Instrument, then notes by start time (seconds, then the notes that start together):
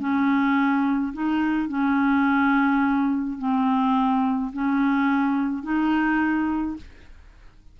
clarinet
0.00 C#4
1.13 D#4
1.69 C#4
3.39 C4
4.53 C#4
5.63 D#4